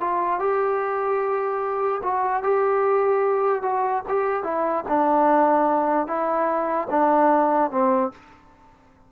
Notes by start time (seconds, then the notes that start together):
0.00 F4
0.39 G4
2.03 F#4
2.43 G4
3.62 F#4
4.08 G4
4.43 E4
4.88 D4
6.07 E4
6.90 D4
7.71 C4